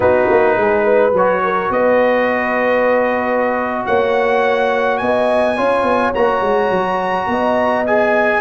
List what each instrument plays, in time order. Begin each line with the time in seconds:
0.00 tuba B3, trombone D#4, horn F#4, trumpet B4
0.30 tuba A#3
0.57 tuba G#3, horn G#4
0.83 horn B4
1.12 tuba F#3, trombone F#4, trumpet C#5
1.43 horn A#4
1.70 tuba B3, horn B4, trumpet D#5
3.86 tuba A#3, horn C#5, trumpet F#5
4.97 tuba B3, horn D#5, trumpet G#5
5.56 tuba C#4, trombone F4, horn C#5
5.82 tuba B3
6.14 tuba A#3, trombone F#4, trumpet A#5
6.41 tuba G#3
6.70 tuba F#3
7.27 tuba B3, horn D#5
7.86 trombone G#4, trumpet G#5